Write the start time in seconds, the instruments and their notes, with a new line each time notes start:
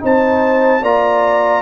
0.00 tuba C4, trombone D#4, horn C5, trumpet A5
0.82 tuba A#3, trombone F4, horn D5, trumpet A#5